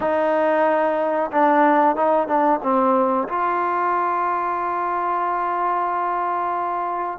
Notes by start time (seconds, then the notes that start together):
0.00 D#4
1.31 D4
1.96 D#4
2.27 D4
2.62 C4
3.28 F4